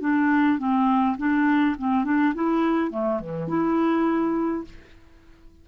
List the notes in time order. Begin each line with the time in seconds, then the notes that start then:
0.00 D4
0.59 C4
1.17 D4
1.78 C4
2.04 D4
2.34 E4
2.91 A3
3.20 E3
3.48 E4